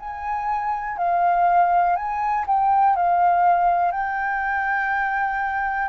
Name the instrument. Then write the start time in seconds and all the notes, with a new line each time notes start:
flute
0.00 G#5
0.98 F5
1.97 G#5
2.47 G5
2.96 F5
3.92 G5